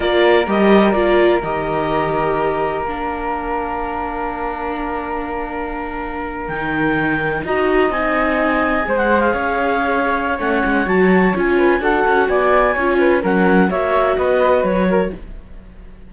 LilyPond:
<<
  \new Staff \with { instrumentName = "clarinet" } { \time 4/4 \tempo 4 = 127 d''4 dis''4 d''4 dis''4~ | dis''2 f''2~ | f''1~ | f''4.~ f''16 g''2 ais''16~ |
ais''8. gis''2~ gis''16 fis''8 f''8~ | f''2 fis''4 a''4 | gis''4 fis''4 gis''2 | fis''4 e''4 dis''4 cis''4 | }
  \new Staff \with { instrumentName = "flute" } { \time 4/4 ais'1~ | ais'1~ | ais'1~ | ais'2.~ ais'8. dis''16~ |
dis''2~ dis''8. c''4 cis''16~ | cis''1~ | cis''8 b'8 a'4 d''4 cis''8 b'8 | ais'4 cis''4 b'4. ais'8 | }
  \new Staff \with { instrumentName = "viola" } { \time 4/4 f'4 g'4 f'4 g'4~ | g'2 d'2~ | d'1~ | d'4.~ d'16 dis'2 fis'16~ |
fis'8. dis'2 gis'4~ gis'16~ | gis'2 cis'4 fis'4 | f'4 fis'2 f'4 | cis'4 fis'2. | }
  \new Staff \with { instrumentName = "cello" } { \time 4/4 ais4 g4 ais4 dis4~ | dis2 ais2~ | ais1~ | ais4.~ ais16 dis2 dis'16~ |
dis'8. c'2 gis4 cis'16~ | cis'2 a8 gis8 fis4 | cis'4 d'8 cis'8 b4 cis'4 | fis4 ais4 b4 fis4 | }
>>